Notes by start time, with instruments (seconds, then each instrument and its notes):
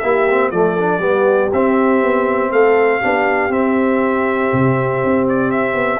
0.00 tuba A#3, trombone E4, horn G4, trumpet E5
0.31 trombone C4
0.51 tuba F3, trombone A3, horn A4, trumpet D5
0.78 trombone D4
0.99 tuba G3, trombone B3, horn G4
1.53 tuba C4, trombone C4, trumpet E5
2.03 tuba B3
2.51 tuba A3, horn A4, trumpet F5
3.01 tuba B3, trombone D4, horn G4
3.50 tuba C4, trombone C4, trumpet E5
4.53 tuba C3
5.04 tuba C4
5.29 trumpet D5
5.51 trumpet E5
5.75 tuba B3